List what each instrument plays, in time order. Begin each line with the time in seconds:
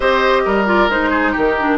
0.00 bassoon C4, clarinet G4, oboe C5, flute D#5
0.45 bassoon G3, oboe A#4
0.66 clarinet F4, flute D5
0.88 bassoon G#3, clarinet D#4, flute C5
1.10 oboe G#4
1.32 bassoon D#3, oboe G4, flute A#4
1.58 clarinet D4